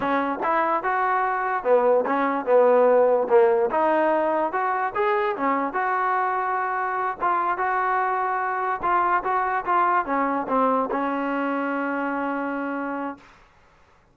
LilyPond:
\new Staff \with { instrumentName = "trombone" } { \time 4/4 \tempo 4 = 146 cis'4 e'4 fis'2 | b4 cis'4 b2 | ais4 dis'2 fis'4 | gis'4 cis'4 fis'2~ |
fis'4. f'4 fis'4.~ | fis'4. f'4 fis'4 f'8~ | f'8 cis'4 c'4 cis'4.~ | cis'1 | }